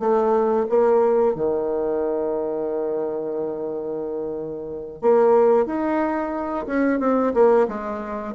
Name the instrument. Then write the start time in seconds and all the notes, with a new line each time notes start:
bassoon
0.00 A3
0.70 A#3
1.35 D#3
5.02 A#3
5.66 D#4
6.67 C#4
7.00 C4
7.35 A#3
7.68 G#3